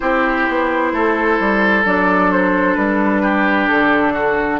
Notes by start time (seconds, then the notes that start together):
0.00 C4 E4 G4 C5
0.48 B3
0.92 A3 A4
1.39 G3
1.85 F#3 D4 D5
2.31 C5
2.74 G3 B4
3.22 G4
3.67 D3 A4
4.13 F#4